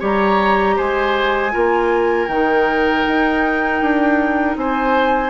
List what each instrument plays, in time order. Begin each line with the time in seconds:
0.00 bassoon G3, clarinet G4, oboe C#5, flute A#5
0.76 bassoon G#3, oboe C5, flute G#5
1.52 bassoon A#3, clarinet F4, oboe A#4
2.28 bassoon D#3, clarinet D#4, flute G5
3.07 bassoon D#4
3.82 bassoon D4
4.56 bassoon C4, oboe C5, flute G#5